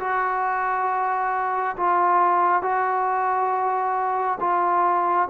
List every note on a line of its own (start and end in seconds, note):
0.00 1.76 F#4
1.77 2.62 F4
2.62 4.39 F#4
4.41 5.29 F4